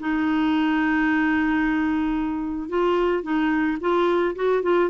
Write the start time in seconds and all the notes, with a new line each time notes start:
0.00 D#4
2.69 F4
3.24 D#4
3.81 F4
4.36 F#4
4.63 F4